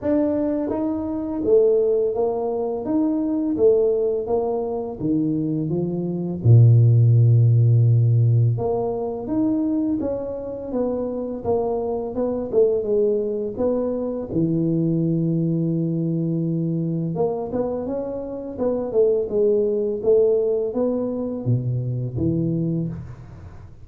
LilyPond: \new Staff \with { instrumentName = "tuba" } { \time 4/4 \tempo 4 = 84 d'4 dis'4 a4 ais4 | dis'4 a4 ais4 dis4 | f4 ais,2. | ais4 dis'4 cis'4 b4 |
ais4 b8 a8 gis4 b4 | e1 | ais8 b8 cis'4 b8 a8 gis4 | a4 b4 b,4 e4 | }